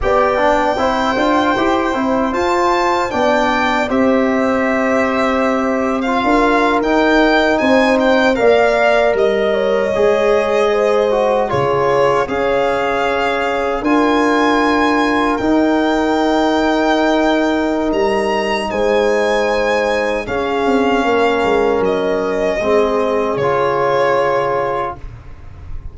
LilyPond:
<<
  \new Staff \with { instrumentName = "violin" } { \time 4/4 \tempo 4 = 77 g''2. a''4 | g''4 e''2~ e''8. f''16~ | f''8. g''4 gis''8 g''8 f''4 dis''16~ | dis''2~ dis''8. cis''4 f''16~ |
f''4.~ f''16 gis''2 g''16~ | g''2. ais''4 | gis''2 f''2 | dis''2 cis''2 | }
  \new Staff \with { instrumentName = "horn" } { \time 4/4 d''4 c''2. | d''4 c''2. | ais'4.~ ais'16 c''4 d''4 dis''16~ | dis''16 cis''4. c''4 gis'4 cis''16~ |
cis''4.~ cis''16 ais'2~ ais'16~ | ais'1 | c''2 gis'4 ais'4~ | ais'4 gis'2. | }
  \new Staff \with { instrumentName = "trombone" } { \time 4/4 g'8 d'8 e'8 f'8 g'8 e'8 f'4 | d'4 g'2~ g'8. f'16~ | f'8. dis'2 ais'4~ ais'16~ | ais'8. gis'4. fis'8 f'4 gis'16~ |
gis'4.~ gis'16 f'2 dis'16~ | dis'1~ | dis'2 cis'2~ | cis'4 c'4 f'2 | }
  \new Staff \with { instrumentName = "tuba" } { \time 4/4 b4 c'8 d'8 e'8 c'8 f'4 | b4 c'2. | d'8. dis'4 c'4 ais4 g16~ | g8. gis2 cis4 cis'16~ |
cis'4.~ cis'16 d'2 dis'16~ | dis'2. g4 | gis2 cis'8 c'8 ais8 gis8 | fis4 gis4 cis2 | }
>>